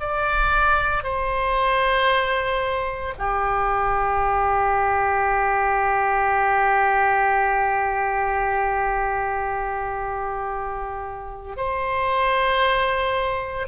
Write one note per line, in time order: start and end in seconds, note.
0.00 1.03 D5
1.03 3.14 C5
3.18 11.56 G4
11.56 13.67 C5